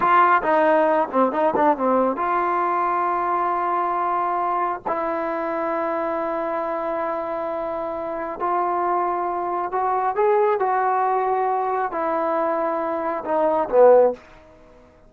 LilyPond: \new Staff \with { instrumentName = "trombone" } { \time 4/4 \tempo 4 = 136 f'4 dis'4. c'8 dis'8 d'8 | c'4 f'2.~ | f'2. e'4~ | e'1~ |
e'2. f'4~ | f'2 fis'4 gis'4 | fis'2. e'4~ | e'2 dis'4 b4 | }